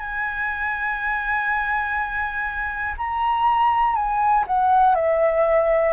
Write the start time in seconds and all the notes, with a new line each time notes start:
0.00 G#5
2.98 A#5
3.96 G#5
4.48 F#5
4.95 E5